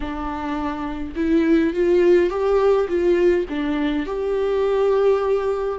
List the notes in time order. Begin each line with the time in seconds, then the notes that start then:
0.00 D4
1.15 E4
1.73 F4
2.29 G4
2.88 F4
3.49 D4
4.05 G4